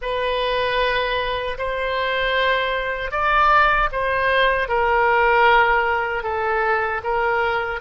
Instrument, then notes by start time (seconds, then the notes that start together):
oboe
0.01 B4
1.58 C5
3.11 D5
3.92 C5
4.68 A#4
6.23 A4
7.03 A#4